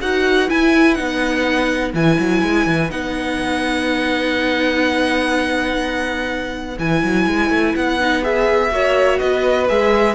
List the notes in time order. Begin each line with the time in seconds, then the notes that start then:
0.00 D#4 F#4 B4 F#5
0.48 E4 G#5
0.95 B3 D#4 F#5
1.94 E3 E4 G#5
2.19 F#3
2.42 G#3
2.66 E3
2.90 B3 D#4 F#5
6.79 E3 E4 G#5
7.03 F#3
7.26 G#3
7.50 A3
7.76 B3 F#5
8.00 D#4
8.22 G#4 E5
8.72 A#3 F#4 C#5
9.19 B3 B4 D#5
9.69 G#3 G#4 E5